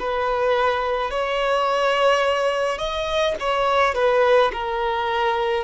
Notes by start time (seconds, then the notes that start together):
0.00 B4
1.11 C#5
2.79 D#5
3.40 C#5
3.95 B4
4.53 A#4